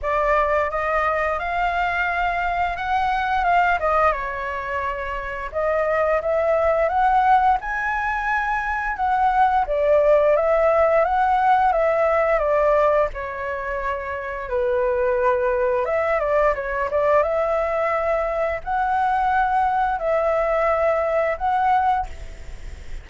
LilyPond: \new Staff \with { instrumentName = "flute" } { \time 4/4 \tempo 4 = 87 d''4 dis''4 f''2 | fis''4 f''8 dis''8 cis''2 | dis''4 e''4 fis''4 gis''4~ | gis''4 fis''4 d''4 e''4 |
fis''4 e''4 d''4 cis''4~ | cis''4 b'2 e''8 d''8 | cis''8 d''8 e''2 fis''4~ | fis''4 e''2 fis''4 | }